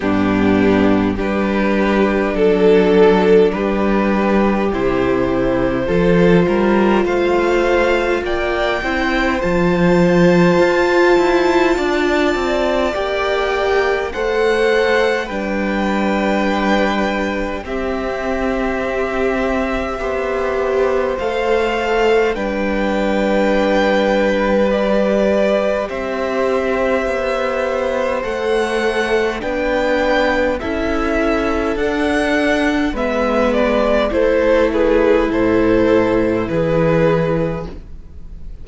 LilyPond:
<<
  \new Staff \with { instrumentName = "violin" } { \time 4/4 \tempo 4 = 51 g'4 b'4 a'4 b'4 | c''2 f''4 g''4 | a''2. g''4 | fis''4 g''2 e''4~ |
e''2 f''4 g''4~ | g''4 d''4 e''2 | fis''4 g''4 e''4 fis''4 | e''8 d''8 c''8 b'8 c''4 b'4 | }
  \new Staff \with { instrumentName = "violin" } { \time 4/4 d'4 g'4 a'4 g'4~ | g'4 a'8 ais'8 c''4 d''8 c''8~ | c''2 d''2 | c''4 b'2 g'4~ |
g'4 c''2 b'4~ | b'2 c''2~ | c''4 b'4 a'2 | b'4 a'8 gis'8 a'4 gis'4 | }
  \new Staff \with { instrumentName = "viola" } { \time 4/4 b4 d'2. | e'4 f'2~ f'8 e'8 | f'2. g'4 | a'4 d'2 c'4~ |
c'4 g'4 a'4 d'4~ | d'4 g'2. | a'4 d'4 e'4 d'4 | b4 e'2. | }
  \new Staff \with { instrumentName = "cello" } { \time 4/4 g,4 g4 fis4 g4 | c4 f8 g8 a4 ais8 c'8 | f4 f'8 e'8 d'8 c'8 ais4 | a4 g2 c'4~ |
c'4 b4 a4 g4~ | g2 c'4 b4 | a4 b4 cis'4 d'4 | gis4 a4 a,4 e4 | }
>>